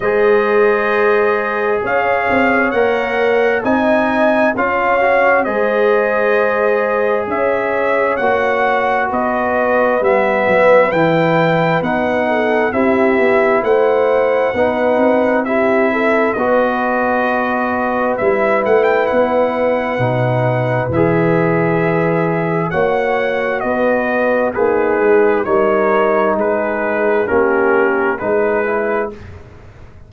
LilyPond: <<
  \new Staff \with { instrumentName = "trumpet" } { \time 4/4 \tempo 4 = 66 dis''2 f''4 fis''4 | gis''4 f''4 dis''2 | e''4 fis''4 dis''4 e''4 | g''4 fis''4 e''4 fis''4~ |
fis''4 e''4 dis''2 | e''8 fis''16 g''16 fis''2 e''4~ | e''4 fis''4 dis''4 b'4 | cis''4 b'4 ais'4 b'4 | }
  \new Staff \with { instrumentName = "horn" } { \time 4/4 c''2 cis''2 | dis''4 cis''4 c''2 | cis''2 b'2~ | b'4. a'8 g'4 c''4 |
b'4 g'8 a'8 b'2~ | b'1~ | b'4 cis''4 b'4 dis'4 | ais'4 gis'4 g'4 gis'4 | }
  \new Staff \with { instrumentName = "trombone" } { \time 4/4 gis'2. ais'4 | dis'4 f'8 fis'8 gis'2~ | gis'4 fis'2 b4 | e'4 dis'4 e'2 |
dis'4 e'4 fis'2 | e'2 dis'4 gis'4~ | gis'4 fis'2 gis'4 | dis'2 cis'4 dis'8 e'8 | }
  \new Staff \with { instrumentName = "tuba" } { \time 4/4 gis2 cis'8 c'8 ais4 | c'4 cis'4 gis2 | cis'4 ais4 b4 g8 fis8 | e4 b4 c'8 b8 a4 |
b8 c'4. b2 | g8 a8 b4 b,4 e4~ | e4 ais4 b4 ais8 gis8 | g4 gis4 ais4 gis4 | }
>>